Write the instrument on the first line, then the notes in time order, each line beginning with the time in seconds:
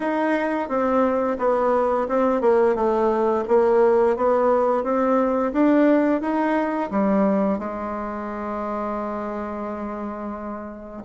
bassoon
0.00 D#4
0.68 C4
1.38 B3
2.08 C4
2.41 A#3
2.75 A3
3.48 A#3
4.16 B3
4.83 C4
5.52 D4
6.21 D#4
6.90 G3
7.59 G#3